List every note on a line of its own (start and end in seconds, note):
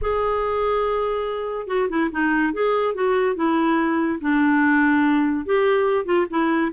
0.01 1.67 G#4
1.67 1.88 F#4
1.89 2.10 E4
2.11 2.53 D#4
2.53 2.94 G#4
2.94 3.35 F#4
3.35 4.19 E4
4.20 5.45 D4
5.45 6.05 G4
6.05 6.26 F4
6.30 6.72 E4